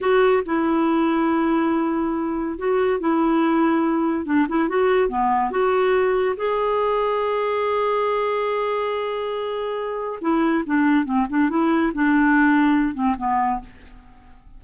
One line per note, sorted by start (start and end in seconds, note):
0.01 0.43 F#4
0.45 2.58 E4
2.58 3.00 F#4
3.00 4.25 E4
4.25 4.46 D4
4.48 4.68 E4
4.68 5.09 F#4
5.09 5.50 B3
5.50 6.35 F#4
6.36 10.19 G#4
10.21 10.63 E4
10.66 11.05 D4
11.05 11.26 C4
11.29 11.49 D4
11.49 11.92 E4
11.93 12.94 D4
12.94 13.15 C4
13.17 13.60 B3